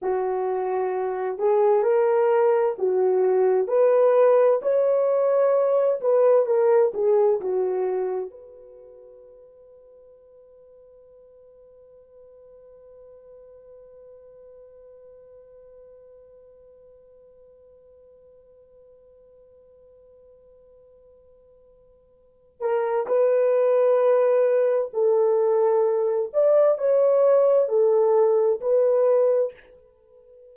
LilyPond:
\new Staff \with { instrumentName = "horn" } { \time 4/4 \tempo 4 = 65 fis'4. gis'8 ais'4 fis'4 | b'4 cis''4. b'8 ais'8 gis'8 | fis'4 b'2.~ | b'1~ |
b'1~ | b'1~ | b'8 ais'8 b'2 a'4~ | a'8 d''8 cis''4 a'4 b'4 | }